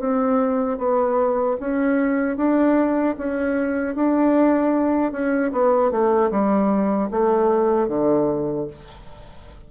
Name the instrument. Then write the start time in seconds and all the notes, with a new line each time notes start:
bassoon
0.00 C4
0.78 B3
1.60 C#4
2.37 D4
3.18 C#4
3.95 D4
5.12 C#4
5.52 B3
5.91 A3
6.31 G3
7.11 A3
7.88 D3